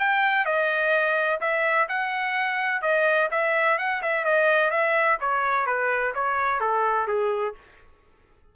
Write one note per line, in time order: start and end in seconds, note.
0.00 0.46 G5
0.46 1.40 D#5
1.41 1.88 E5
1.89 2.82 F#5
2.82 3.29 D#5
3.31 3.79 E5
3.79 4.02 F#5
4.03 4.25 E5
4.25 4.71 D#5
4.71 5.18 E5
5.21 5.67 C#5
5.67 6.14 B4
6.15 6.61 C#5
6.61 7.08 A4
7.08 7.55 G#4